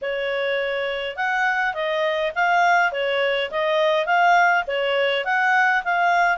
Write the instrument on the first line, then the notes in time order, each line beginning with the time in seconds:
clarinet
0.01 C#5
1.16 F#5
1.73 D#5
2.35 F5
2.92 C#5
3.51 D#5
4.05 F5
4.67 C#5
5.25 F#5
5.84 F5